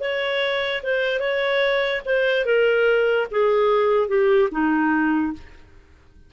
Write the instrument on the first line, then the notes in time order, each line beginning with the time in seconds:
clarinet
0.00 C#5
0.83 C5
1.20 C#5
2.05 C5
2.45 A#4
3.31 G#4
4.08 G4
4.51 D#4